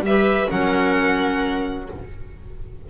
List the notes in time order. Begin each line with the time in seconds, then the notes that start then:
0.00 G3 E5
0.06 G4 B4
0.48 F#3 C#4 A#4 F#5